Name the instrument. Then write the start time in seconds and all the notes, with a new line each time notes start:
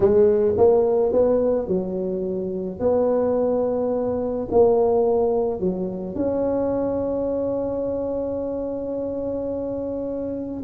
tuba
0.00 G#3
0.57 A#3
1.12 B3
1.67 F#3
2.79 B3
4.51 A#3
5.60 F#3
6.15 C#4